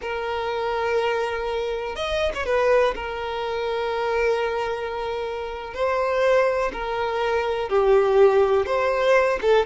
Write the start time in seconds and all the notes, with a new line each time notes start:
0.01 A#4
1.95 D#5
2.34 C#5
2.45 B4
2.95 A#4
5.73 C5
6.72 A#4
7.69 G4
8.66 C5
9.41 A4